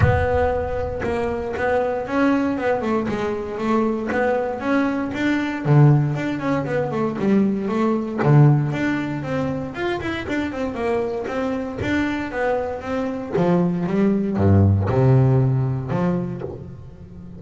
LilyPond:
\new Staff \with { instrumentName = "double bass" } { \time 4/4 \tempo 4 = 117 b2 ais4 b4 | cis'4 b8 a8 gis4 a4 | b4 cis'4 d'4 d4 | d'8 cis'8 b8 a8 g4 a4 |
d4 d'4 c'4 f'8 e'8 | d'8 c'8 ais4 c'4 d'4 | b4 c'4 f4 g4 | g,4 c2 f4 | }